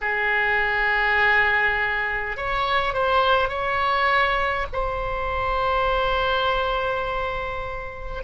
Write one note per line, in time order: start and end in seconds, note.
0.01 2.36 G#4
2.36 2.94 C#5
2.94 3.49 C5
3.49 4.66 C#5
4.72 8.23 C5